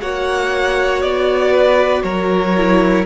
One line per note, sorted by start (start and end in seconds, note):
0.00 1.03 A#3
0.00 2.56 F#4
0.00 1.51 C#5
0.00 1.01 F#5
1.01 2.03 B3
1.01 2.02 D5
1.51 2.02 B4
2.02 3.05 F#3
2.02 3.05 A#4
2.02 3.04 C#5
2.56 3.05 E4